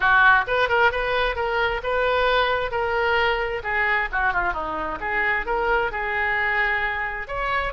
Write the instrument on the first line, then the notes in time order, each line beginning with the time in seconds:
oboe
0.00 F#4
0.47 B4
0.69 A#4
0.91 B4
1.35 A#4
1.83 B4
2.71 A#4
3.63 G#4
4.12 F#4
4.33 F4
4.53 D#4
5.00 G#4
5.46 A#4
5.91 G#4
7.27 C#5